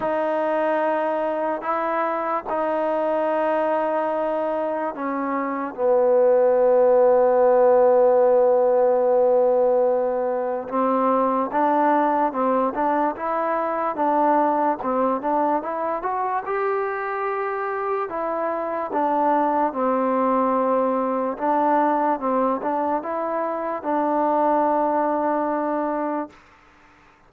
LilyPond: \new Staff \with { instrumentName = "trombone" } { \time 4/4 \tempo 4 = 73 dis'2 e'4 dis'4~ | dis'2 cis'4 b4~ | b1~ | b4 c'4 d'4 c'8 d'8 |
e'4 d'4 c'8 d'8 e'8 fis'8 | g'2 e'4 d'4 | c'2 d'4 c'8 d'8 | e'4 d'2. | }